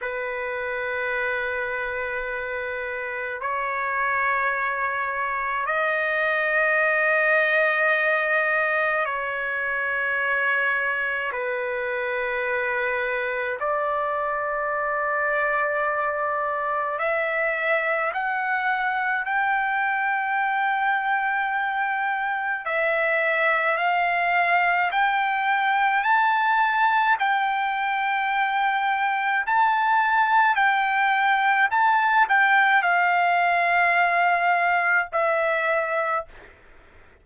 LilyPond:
\new Staff \with { instrumentName = "trumpet" } { \time 4/4 \tempo 4 = 53 b'2. cis''4~ | cis''4 dis''2. | cis''2 b'2 | d''2. e''4 |
fis''4 g''2. | e''4 f''4 g''4 a''4 | g''2 a''4 g''4 | a''8 g''8 f''2 e''4 | }